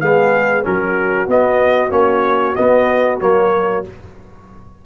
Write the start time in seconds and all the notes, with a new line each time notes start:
0.00 G#3 B3 G#4 F5
0.63 F#3 C#4 F#4 A#4
1.27 B3 D#5
1.90 A#3 C#4 C#5
2.55 B3 D#5
3.20 F#3 A#3 C#5